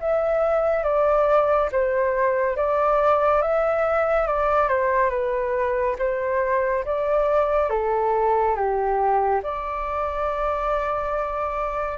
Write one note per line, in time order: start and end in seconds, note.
0.00 0.83 E5
0.83 1.69 D5
1.72 2.57 C5
2.57 3.42 D5
3.42 4.27 E5
4.27 4.69 D5
4.69 5.10 C5
5.10 5.96 B4
5.98 6.84 C5
6.85 7.69 D5
7.69 8.55 A4
8.56 9.41 G4
9.43 11.98 D5